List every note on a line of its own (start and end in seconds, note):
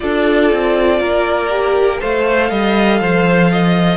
0.00 0.51 D4
0.00 1.49 F4
0.00 1.00 A4
0.00 1.97 D5
0.51 1.01 C4
1.00 2.01 A#3
1.00 2.00 A#4
1.49 1.98 G4
1.98 2.50 A3
1.98 3.97 A4
1.98 2.50 C5
1.98 3.97 F5
2.50 3.00 G3
2.50 3.00 D#5
3.00 3.97 F3
3.00 3.50 C5
3.51 3.97 D#5